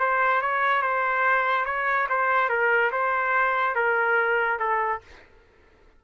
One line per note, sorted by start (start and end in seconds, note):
0.00 0.42 C5
0.42 0.82 C#5
0.82 1.66 C5
1.66 2.08 C#5
2.10 2.49 C5
2.49 2.91 A#4
2.92 3.75 C5
3.75 4.59 A#4
4.59 5.01 A4